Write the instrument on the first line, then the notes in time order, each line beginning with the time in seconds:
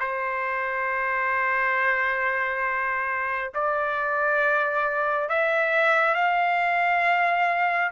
trumpet
0.00 C5
3.55 D5
5.29 E5
6.15 F5